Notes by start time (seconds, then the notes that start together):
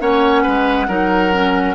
0.00 A#3 C#4 C#5 F#5
0.42 G#3 B4
0.88 F#3 D#4 A#4
1.32 C#4